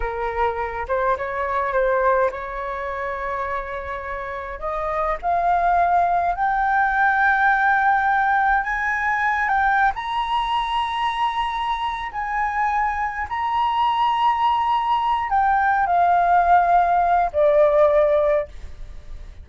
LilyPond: \new Staff \with { instrumentName = "flute" } { \time 4/4 \tempo 4 = 104 ais'4. c''8 cis''4 c''4 | cis''1 | dis''4 f''2 g''4~ | g''2. gis''4~ |
gis''8 g''8. ais''2~ ais''8.~ | ais''4 gis''2 ais''4~ | ais''2~ ais''8 g''4 f''8~ | f''2 d''2 | }